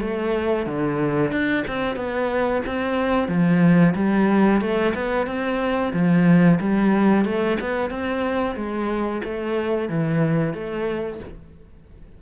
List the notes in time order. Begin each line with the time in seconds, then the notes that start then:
0.00 A3
0.66 D3
1.31 D4
1.67 C4
1.95 B3
2.66 C4
3.28 F3
3.95 G3
4.61 A3
4.94 B3
5.26 C4
5.93 F3
6.60 G3
7.25 A3
7.60 B3
7.90 C4
8.55 G#3
9.24 A3
9.89 E3
10.53 A3